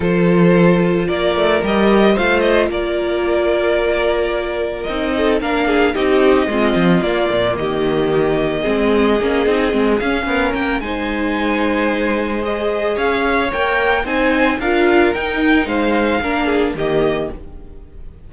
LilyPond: <<
  \new Staff \with { instrumentName = "violin" } { \time 4/4 \tempo 4 = 111 c''2 d''4 dis''4 | f''8 dis''8 d''2.~ | d''4 dis''4 f''4 dis''4~ | dis''4 d''4 dis''2~ |
dis''2~ dis''8 f''4 g''8 | gis''2. dis''4 | f''4 g''4 gis''4 f''4 | g''4 f''2 dis''4 | }
  \new Staff \with { instrumentName = "violin" } { \time 4/4 a'2 ais'2 | c''4 ais'2.~ | ais'4. a'8 ais'8 gis'8 g'4 | f'2 g'2 |
gis'2. ais'4 | c''1 | cis''2 c''4 ais'4~ | ais'4 c''4 ais'8 gis'8 g'4 | }
  \new Staff \with { instrumentName = "viola" } { \time 4/4 f'2. g'4 | f'1~ | f'4 dis'4 d'4 dis'4 | c'4 ais2. |
c'4 cis'8 dis'8 c'8 cis'4. | dis'2. gis'4~ | gis'4 ais'4 dis'4 f'4 | dis'2 d'4 ais4 | }
  \new Staff \with { instrumentName = "cello" } { \time 4/4 f2 ais8 a8 g4 | a4 ais2.~ | ais4 c'4 ais4 c'4 | gis8 f8 ais8 ais,8 dis2 |
gis4 ais8 c'8 gis8 cis'8 b8 ais8 | gis1 | cis'4 ais4 c'4 d'4 | dis'4 gis4 ais4 dis4 | }
>>